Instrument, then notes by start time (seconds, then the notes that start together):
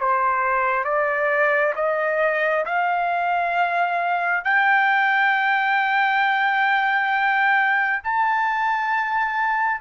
trumpet
0.00 C5
0.85 D5
1.76 D#5
2.66 F5
4.45 G5
8.04 A5